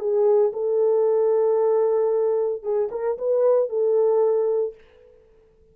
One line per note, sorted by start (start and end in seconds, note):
0.00 0.53 G#4
0.53 2.63 A4
2.63 2.89 G#4
2.92 3.18 A#4
3.19 3.70 B4
3.70 4.75 A4